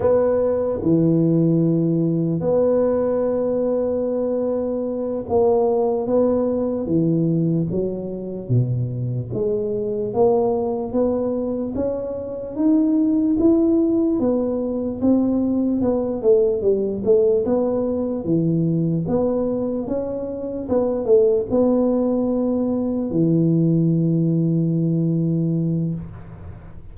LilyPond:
\new Staff \with { instrumentName = "tuba" } { \time 4/4 \tempo 4 = 74 b4 e2 b4~ | b2~ b8 ais4 b8~ | b8 e4 fis4 b,4 gis8~ | gis8 ais4 b4 cis'4 dis'8~ |
dis'8 e'4 b4 c'4 b8 | a8 g8 a8 b4 e4 b8~ | b8 cis'4 b8 a8 b4.~ | b8 e2.~ e8 | }